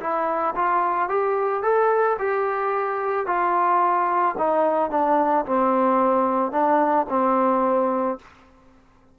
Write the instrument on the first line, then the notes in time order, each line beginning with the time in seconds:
trombone
0.00 E4
0.55 F4
1.09 G4
1.63 A4
2.19 G4
3.26 F4
4.38 D#4
4.91 D4
5.45 C4
6.52 D4
7.09 C4